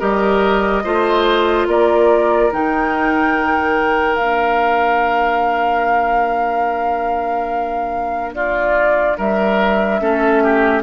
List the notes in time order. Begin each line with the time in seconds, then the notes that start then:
0.00 G3 G4 A#4 D#5
0.85 A3 F4 C5
1.67 A#3 A#4 D5
2.52 D#3 D#4 G5
4.16 A#3 D4 F5
8.35 F4 D5
9.18 G3 A#4 E5
10.01 A3 C#4 A4
10.44 G4